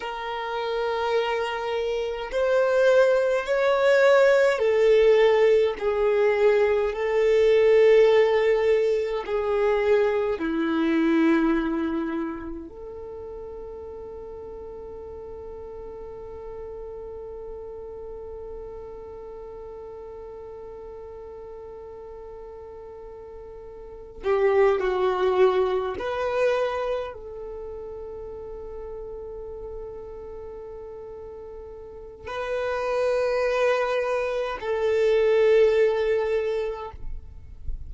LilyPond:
\new Staff \with { instrumentName = "violin" } { \time 4/4 \tempo 4 = 52 ais'2 c''4 cis''4 | a'4 gis'4 a'2 | gis'4 e'2 a'4~ | a'1~ |
a'1~ | a'4 g'8 fis'4 b'4 a'8~ | a'1 | b'2 a'2 | }